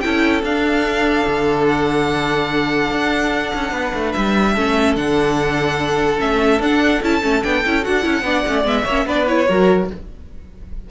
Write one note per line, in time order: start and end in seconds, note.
0.00 0.43 C#4
0.00 0.44 E4
0.00 3.73 A4
0.00 0.41 G5
0.43 1.25 D4
0.43 4.55 D4
0.43 1.66 F5
1.27 2.90 D3
1.66 4.12 F#5
2.90 3.52 D4
3.54 3.71 C#4
3.71 3.92 B3
3.71 4.53 B4
3.94 4.14 A3
4.12 4.56 G3
4.12 4.94 E5
4.53 4.95 A3
4.53 4.96 C#4
4.53 8.23 A4
4.95 6.19 D3
4.95 6.18 D4
4.95 6.20 F#5
6.18 6.59 A3
6.18 6.59 C#4
6.18 6.61 E5
6.59 7.00 D4
6.59 7.03 D4
6.59 7.03 F#5
7.02 7.22 C#4
7.02 7.21 E4
7.02 7.43 A5
7.21 7.44 A3
7.21 7.42 C#4
7.42 7.64 B3
7.42 7.63 D4
7.42 7.84 G5
7.65 7.86 C#4
7.65 7.82 E4
7.82 8.05 D4
7.82 8.02 F#4
7.82 8.66 F#5
8.02 8.22 C#4
8.02 8.23 E4
8.22 8.42 B3
8.22 8.46 D4
8.22 8.84 D5
8.47 8.64 A3
8.47 8.64 C#4
8.64 8.85 G#3
8.64 8.85 B3
8.64 9.08 E5
8.84 9.05 A#3
8.84 9.07 C#4
8.84 9.05 C#5
9.05 9.46 B3
9.05 9.26 D4
9.05 9.48 B4
9.05 9.27 D5
9.26 9.47 E4
9.26 9.89 C#5
9.48 9.90 F#3
9.48 9.89 F#4
9.48 9.89 A#4